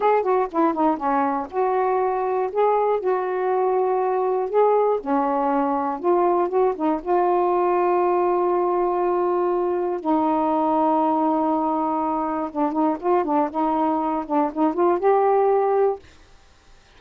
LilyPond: \new Staff \with { instrumentName = "saxophone" } { \time 4/4 \tempo 4 = 120 gis'8 fis'8 e'8 dis'8 cis'4 fis'4~ | fis'4 gis'4 fis'2~ | fis'4 gis'4 cis'2 | f'4 fis'8 dis'8 f'2~ |
f'1 | dis'1~ | dis'4 d'8 dis'8 f'8 d'8 dis'4~ | dis'8 d'8 dis'8 f'8 g'2 | }